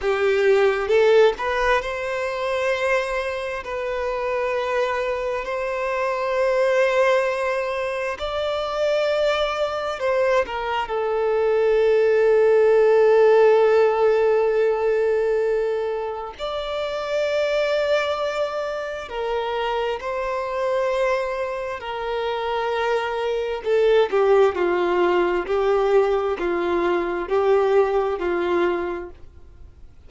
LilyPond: \new Staff \with { instrumentName = "violin" } { \time 4/4 \tempo 4 = 66 g'4 a'8 b'8 c''2 | b'2 c''2~ | c''4 d''2 c''8 ais'8 | a'1~ |
a'2 d''2~ | d''4 ais'4 c''2 | ais'2 a'8 g'8 f'4 | g'4 f'4 g'4 f'4 | }